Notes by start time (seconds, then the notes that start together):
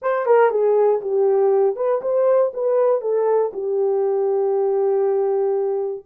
0.02 C5
0.26 A#4
0.50 G#4
1.01 G4
1.75 B4
2.01 C5
2.53 B4
3.01 A4
3.53 G4